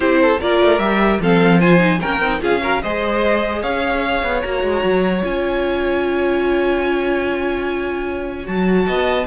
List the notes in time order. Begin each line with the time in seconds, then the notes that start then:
0.00 C4 E4 G4 C5
0.21 A4
0.40 A#3 F4 A#4 D5
0.60 A3
0.78 G3 G4 E5
1.20 F3 C4 A4 F5
1.59 F4 C5 G#5
1.78 D#4
2.00 A#3 C#4 A#4 G5
2.20 C4 D#4
2.40 C#4 F4 G#4 F5
2.61 F#4 A#4
2.82 G#3 G#4 C5 D#5
3.62 C#4 C#5 F5
4.22 B3
4.41 A#3 F#4 A#5
4.62 G#3
4.83 F#3
5.23 C#4 F4 G#5
8.43 F#3 F#4 A5
8.87 B3 D#5